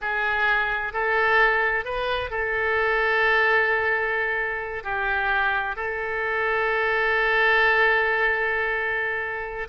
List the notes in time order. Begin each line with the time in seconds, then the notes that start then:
0.01 G#4
0.93 A4
1.84 B4
2.30 A4
4.83 G4
5.75 A4